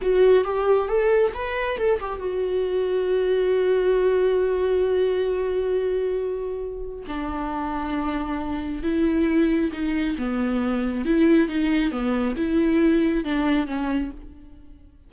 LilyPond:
\new Staff \with { instrumentName = "viola" } { \time 4/4 \tempo 4 = 136 fis'4 g'4 a'4 b'4 | a'8 g'8 fis'2.~ | fis'1~ | fis'1 |
d'1 | e'2 dis'4 b4~ | b4 e'4 dis'4 b4 | e'2 d'4 cis'4 | }